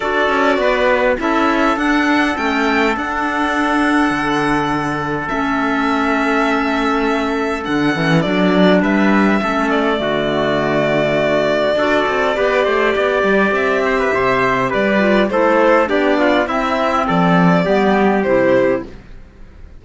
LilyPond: <<
  \new Staff \with { instrumentName = "violin" } { \time 4/4 \tempo 4 = 102 d''2 e''4 fis''4 | g''4 fis''2.~ | fis''4 e''2.~ | e''4 fis''4 d''4 e''4~ |
e''8 d''2.~ d''8~ | d''2. e''4~ | e''4 d''4 c''4 d''4 | e''4 d''2 c''4 | }
  \new Staff \with { instrumentName = "trumpet" } { \time 4/4 a'4 b'4 a'2~ | a'1~ | a'1~ | a'2. b'4 |
a'4 fis'2. | a'4 b'8 c''8 d''4. c''16 b'16 | c''4 b'4 a'4 g'8 f'8 | e'4 a'4 g'2 | }
  \new Staff \with { instrumentName = "clarinet" } { \time 4/4 fis'2 e'4 d'4 | cis'4 d'2.~ | d'4 cis'2.~ | cis'4 d'8 cis'8 d'2 |
cis'4 a2. | fis'4 g'2.~ | g'4. f'8 e'4 d'4 | c'2 b4 e'4 | }
  \new Staff \with { instrumentName = "cello" } { \time 4/4 d'8 cis'8 b4 cis'4 d'4 | a4 d'2 d4~ | d4 a2.~ | a4 d8 e8 fis4 g4 |
a4 d2. | d'8 c'8 b8 a8 b8 g8 c'4 | c4 g4 a4 b4 | c'4 f4 g4 c4 | }
>>